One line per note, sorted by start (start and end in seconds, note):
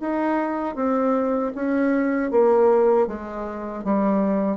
0.00 0.75 D#4
0.75 1.52 C4
1.55 2.30 C#4
2.30 3.07 A#3
3.07 3.84 G#3
3.84 4.57 G3